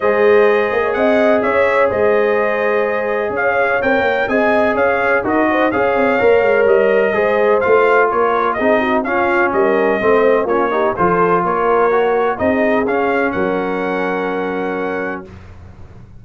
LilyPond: <<
  \new Staff \with { instrumentName = "trumpet" } { \time 4/4 \tempo 4 = 126 dis''2 fis''4 e''4 | dis''2. f''4 | g''4 gis''4 f''4 dis''4 | f''2 dis''2 |
f''4 cis''4 dis''4 f''4 | dis''2 cis''4 c''4 | cis''2 dis''4 f''4 | fis''1 | }
  \new Staff \with { instrumentName = "horn" } { \time 4/4 c''4.~ c''16 cis''16 dis''4 cis''4 | c''2. cis''4~ | cis''4 dis''4 cis''4 ais'8 c''8 | cis''2. c''4~ |
c''4 ais'4 gis'8 fis'8 f'4 | ais'4 c''4 f'8 g'8 a'4 | ais'2 gis'2 | ais'1 | }
  \new Staff \with { instrumentName = "trombone" } { \time 4/4 gis'1~ | gis'1 | ais'4 gis'2 fis'4 | gis'4 ais'2 gis'4 |
f'2 dis'4 cis'4~ | cis'4 c'4 cis'8 dis'8 f'4~ | f'4 fis'4 dis'4 cis'4~ | cis'1 | }
  \new Staff \with { instrumentName = "tuba" } { \time 4/4 gis4. ais8 c'4 cis'4 | gis2. cis'4 | c'8 ais8 c'4 cis'4 dis'4 | cis'8 c'8 ais8 gis8 g4 gis4 |
a4 ais4 c'4 cis'4 | g4 a4 ais4 f4 | ais2 c'4 cis'4 | fis1 | }
>>